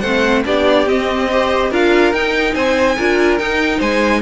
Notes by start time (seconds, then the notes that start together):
0.00 A3 C4 C5 F#5
0.44 B3 D4 G4 D5
0.86 C4 D#5
1.30 G4 C5
1.71 D4 F4 A#4 F5
2.12 D#4 G5
2.53 C4 C5 G#5
2.97 D4 F4 A#4
3.38 D#4 G5
3.78 G#3 C5 G#5